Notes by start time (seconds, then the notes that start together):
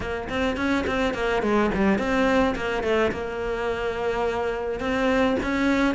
0.00 A#3
0.29 C4
0.56 C#4
0.86 C4
1.14 A#3
1.42 G#3
1.74 G3
1.98 C4
2.55 A#3
2.83 A3
3.11 A#3
4.80 C4
5.42 C#4